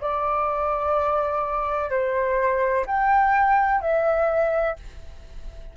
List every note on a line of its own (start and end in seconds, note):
0.00 1.90 D5
1.90 2.85 C5
2.86 3.81 G5
3.81 4.76 E5